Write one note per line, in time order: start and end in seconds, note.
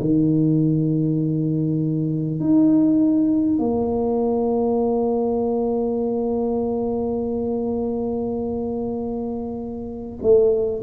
0.00 2.39 D#3
2.39 3.58 D#4
3.58 10.18 A#3
10.22 10.82 A3